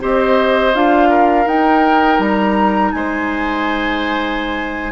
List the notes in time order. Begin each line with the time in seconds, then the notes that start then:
0.00 C4 G4 C5 D#5
0.74 D4 F4 F5
1.09 A#4
1.46 D#4 G5
2.19 G3 A#5
2.92 G#3 C5 G#5